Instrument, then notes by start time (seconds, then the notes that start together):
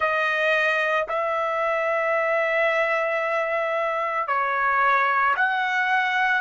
trumpet
0.00 D#5
1.08 E5
4.27 C#5
5.36 F#5